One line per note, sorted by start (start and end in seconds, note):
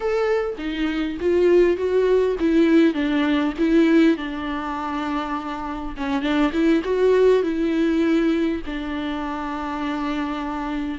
0.00 0.55 A4
0.58 1.17 D#4
1.20 1.76 F4
1.76 2.36 F#4
2.39 2.94 E4
2.94 3.53 D4
3.58 4.16 E4
4.16 5.95 D4
5.96 6.21 C#4
6.21 6.51 D4
6.52 6.82 E4
6.84 7.43 F#4
7.43 8.61 E4
8.66 10.98 D4